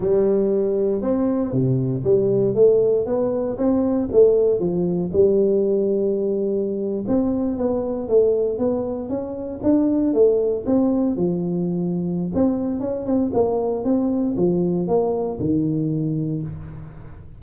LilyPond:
\new Staff \with { instrumentName = "tuba" } { \time 4/4 \tempo 4 = 117 g2 c'4 c4 | g4 a4 b4 c'4 | a4 f4 g2~ | g4.~ g16 c'4 b4 a16~ |
a8. b4 cis'4 d'4 a16~ | a8. c'4 f2~ f16 | c'4 cis'8 c'8 ais4 c'4 | f4 ais4 dis2 | }